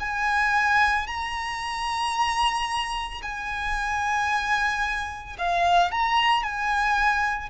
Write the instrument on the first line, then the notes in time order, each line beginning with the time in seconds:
violin
0.00 G#5
1.07 A#5
3.22 G#5
5.38 F5
5.92 A#5
6.43 G#5